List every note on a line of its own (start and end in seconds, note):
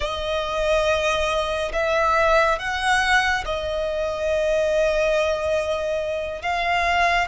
0.00 1.71 D#5
1.73 2.58 E5
2.58 3.44 F#5
3.45 6.42 D#5
6.42 7.27 F5